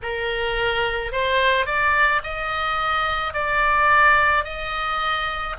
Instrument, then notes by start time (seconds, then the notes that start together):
oboe
0.02 A#4
1.12 C5
1.66 D5
2.23 D#5
3.33 D5
4.44 D#5